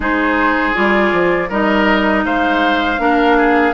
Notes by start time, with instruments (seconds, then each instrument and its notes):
0.00 bassoon G#3, clarinet D#4, oboe G#4, flute C5
0.74 bassoon G3, clarinet F4, flute D5
1.12 bassoon F3
1.49 bassoon G3, clarinet D#4, oboe A#4, flute D#5
2.24 bassoon G#3, oboe C5, flute F5
2.98 bassoon A#3, clarinet D4, oboe A#4
3.37 oboe G#4